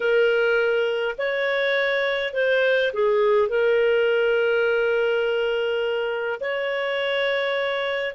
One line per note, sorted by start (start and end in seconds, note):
0.00 1.15 A#4
1.18 2.33 C#5
2.33 2.92 C5
2.93 3.48 G#4
3.48 6.39 A#4
6.40 8.15 C#5